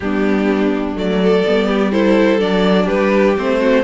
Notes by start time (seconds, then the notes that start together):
0.00 G3 B3 D4 G4
0.95 F#3 A3 D5
1.23 A4
1.46 G3 B3
1.67 G4
1.91 E4 A4 C5
2.39 F#3 D4 D5
2.84 G3 G4 B4
3.37 A3 C4 C5
3.59 F#4